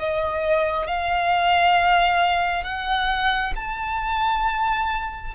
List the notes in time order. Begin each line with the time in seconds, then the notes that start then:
0.00 D#5
0.88 F5
2.64 F#5
3.56 A5